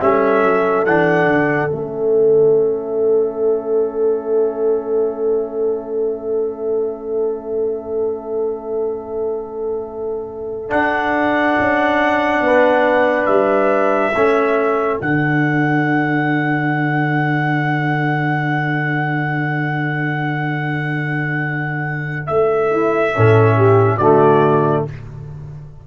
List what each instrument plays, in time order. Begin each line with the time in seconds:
0.00 tuba G3, trombone C#4, horn A4, trumpet E5
0.43 tuba F#3
0.85 tuba E3, trombone D4, trumpet F#5
1.27 tuba D3
1.69 tuba A3, trombone C#4, trumpet E5
10.69 trombone D4, tuba D4, trumpet F#5
11.59 tuba C#4
12.40 tuba B3, horn B4
13.26 tuba G3, trumpet E5
14.13 tuba A3, trombone C#4, horn A4
14.99 tuba D3, trombone D4, trumpet F#5
22.26 tuba A3, trumpet E5
22.71 horn E4
23.14 tuba A2, trombone C#4, horn A4
23.57 horn G4
23.97 tuba D3, trombone A3, horn F#4, trumpet D5